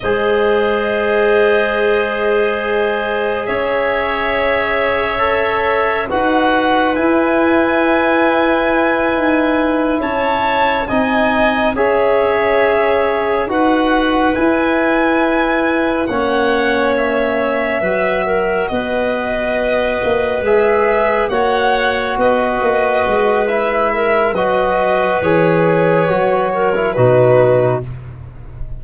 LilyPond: <<
  \new Staff \with { instrumentName = "violin" } { \time 4/4 \tempo 4 = 69 dis''1 | e''2. fis''4 | gis''2.~ gis''8 a''8~ | a''8 gis''4 e''2 fis''8~ |
fis''8 gis''2 fis''4 e''8~ | e''4. dis''2 e''8~ | e''8 fis''4 dis''4. e''4 | dis''4 cis''2 b'4 | }
  \new Staff \with { instrumentName = "clarinet" } { \time 4/4 c''1 | cis''2. b'4~ | b'2.~ b'8 cis''8~ | cis''8 dis''4 cis''2 b'8~ |
b'2~ b'8 cis''4.~ | cis''8 b'8 ais'8 b'2~ b'8~ | b'8 cis''4 b'2 ais'8 | b'2~ b'8 ais'8 fis'4 | }
  \new Staff \with { instrumentName = "trombone" } { \time 4/4 gis'1~ | gis'2 a'4 fis'4 | e'1~ | e'8 dis'4 gis'2 fis'8~ |
fis'8 e'2 cis'4.~ | cis'8 fis'2. gis'8~ | gis'8 fis'2~ fis'8 e'4 | fis'4 gis'4 fis'8. e'16 dis'4 | }
  \new Staff \with { instrumentName = "tuba" } { \time 4/4 gis1 | cis'2. dis'4 | e'2~ e'8 dis'4 cis'8~ | cis'8 c'4 cis'2 dis'8~ |
dis'8 e'2 ais4.~ | ais8 fis4 b4. ais8 gis8~ | gis8 ais4 b8 ais8 gis4. | fis4 e4 fis4 b,4 | }
>>